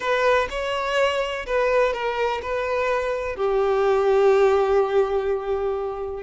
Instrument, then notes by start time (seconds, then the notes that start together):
violin
0.00 B4
0.50 C#5
1.46 B4
1.93 A#4
2.42 B4
3.36 G4